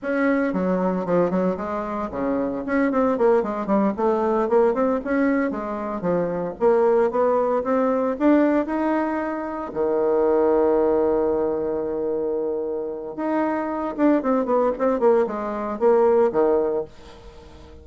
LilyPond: \new Staff \with { instrumentName = "bassoon" } { \time 4/4 \tempo 4 = 114 cis'4 fis4 f8 fis8 gis4 | cis4 cis'8 c'8 ais8 gis8 g8 a8~ | a8 ais8 c'8 cis'4 gis4 f8~ | f8 ais4 b4 c'4 d'8~ |
d'8 dis'2 dis4.~ | dis1~ | dis4 dis'4. d'8 c'8 b8 | c'8 ais8 gis4 ais4 dis4 | }